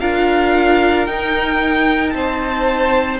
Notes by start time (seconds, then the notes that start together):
0.00 D4 F4 A#4 F5
1.06 D#4 G5
2.10 C4 C5 A5